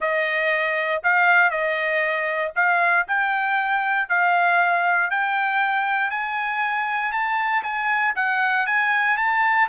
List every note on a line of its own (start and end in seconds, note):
0.00 1.02 D#5
1.03 1.50 F5
1.50 2.52 D#5
2.55 3.06 F5
3.07 4.08 G5
4.08 5.10 F5
5.10 6.10 G5
6.10 7.12 G#5
7.12 7.62 A5
7.63 8.14 G#5
8.15 8.66 F#5
8.66 9.17 G#5
9.17 9.68 A5